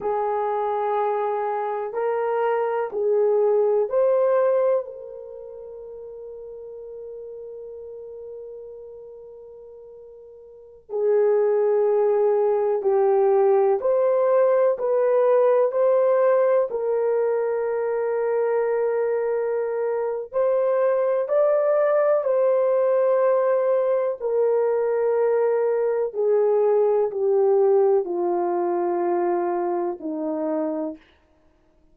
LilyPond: \new Staff \with { instrumentName = "horn" } { \time 4/4 \tempo 4 = 62 gis'2 ais'4 gis'4 | c''4 ais'2.~ | ais'2.~ ais'16 gis'8.~ | gis'4~ gis'16 g'4 c''4 b'8.~ |
b'16 c''4 ais'2~ ais'8.~ | ais'4 c''4 d''4 c''4~ | c''4 ais'2 gis'4 | g'4 f'2 dis'4 | }